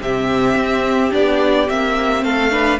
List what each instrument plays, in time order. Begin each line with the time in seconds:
0.00 cello C3, viola C4, violin G4 E5
0.56 cello C4
1.11 cello B3, viola D4, violin D5
1.68 cello A#3, viola C4, violin E5
2.23 cello A3, violin A4 F5
2.50 viola D4, violin B4